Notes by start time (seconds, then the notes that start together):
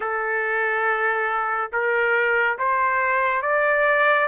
0.00 A4
1.72 A#4
2.58 C5
3.42 D5